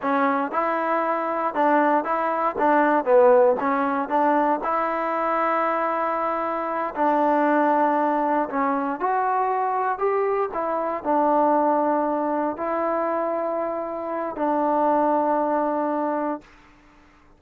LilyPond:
\new Staff \with { instrumentName = "trombone" } { \time 4/4 \tempo 4 = 117 cis'4 e'2 d'4 | e'4 d'4 b4 cis'4 | d'4 e'2.~ | e'4. d'2~ d'8~ |
d'8 cis'4 fis'2 g'8~ | g'8 e'4 d'2~ d'8~ | d'8 e'2.~ e'8 | d'1 | }